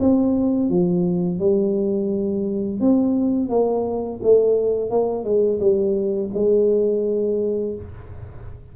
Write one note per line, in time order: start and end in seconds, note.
0.00 0.70 C4
0.70 1.39 F3
1.39 2.80 G3
2.80 3.50 C4
3.50 4.20 A#3
4.23 4.91 A3
4.91 5.24 A#3
5.24 5.60 G#3
5.60 6.31 G3
6.34 7.76 G#3